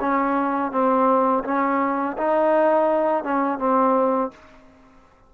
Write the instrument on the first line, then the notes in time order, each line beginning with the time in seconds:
trombone
0.00 C#4
0.71 C4
1.44 C#4
2.17 D#4
3.24 C#4
3.58 C4